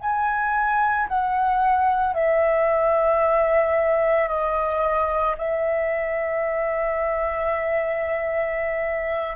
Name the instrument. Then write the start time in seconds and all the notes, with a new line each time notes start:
flute
0.00 G#5
1.08 F#5
2.14 E5
4.28 D#5
5.38 E5